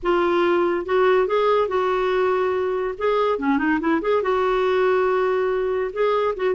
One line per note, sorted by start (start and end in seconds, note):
0.02 0.85 F4
0.85 1.27 F#4
1.27 1.67 G#4
1.67 2.94 F#4
2.98 3.38 G#4
3.38 3.57 C#4
3.57 3.79 D#4
3.80 4.01 E4
4.01 4.22 G#4
4.22 5.91 F#4
5.92 6.35 G#4
6.36 6.54 F#4